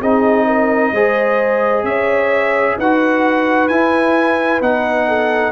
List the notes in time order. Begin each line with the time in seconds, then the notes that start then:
0.00 C4 D#4 G#4 D#5
0.46 A#4
0.92 G#3 G#4 C5
1.84 C#4 C#5 E5
2.78 D#4 F#4 B4 F#5
3.69 E4 G#5
4.61 B3 D#4 F#5
5.08 A4